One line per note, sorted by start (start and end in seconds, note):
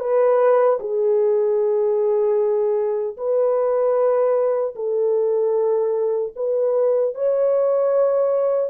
0.00 0.79 B4
0.80 3.17 G#4
3.17 4.75 B4
4.75 6.33 A4
6.36 7.15 B4
7.15 8.71 C#5